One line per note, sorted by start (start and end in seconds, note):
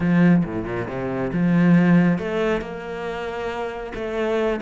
0.00 0.44 F3
0.45 0.64 A2
0.64 0.86 A#2
0.88 1.31 C3
1.33 2.18 F3
2.18 2.61 A3
2.61 3.92 A#3
3.94 4.60 A3